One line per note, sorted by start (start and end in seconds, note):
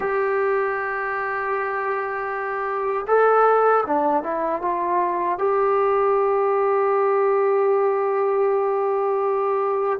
0.00 3.06 G4
3.07 3.84 A4
3.86 4.23 D4
4.23 4.61 E4
4.61 5.38 F4
5.38 9.99 G4